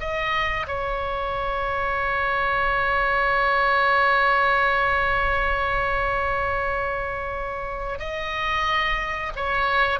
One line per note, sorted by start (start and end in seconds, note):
0.00 0.67 D#5
0.67 7.99 C#5
7.99 9.33 D#5
9.36 10.00 C#5